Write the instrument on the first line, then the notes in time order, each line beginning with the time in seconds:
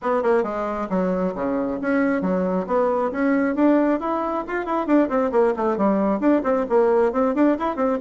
bassoon
0.02 B3
0.22 A#3
0.43 G#3
0.89 F#3
1.34 C#3
1.81 C#4
2.21 F#3
2.66 B3
3.11 C#4
3.55 D4
4.00 E4
4.47 F4
4.65 E4
4.86 D4
5.09 C4
5.31 A#3
5.56 A3
5.77 G3
6.20 D4
6.43 C4
6.69 A#3
7.12 C4
7.34 D4
7.58 E4
7.76 C4